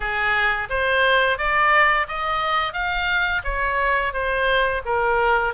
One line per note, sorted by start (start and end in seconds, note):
0.00 0.68 G#4
0.69 1.38 C5
1.38 2.07 D5
2.08 2.73 D#5
2.73 3.42 F5
3.44 4.13 C#5
4.13 4.82 C5
4.85 5.53 A#4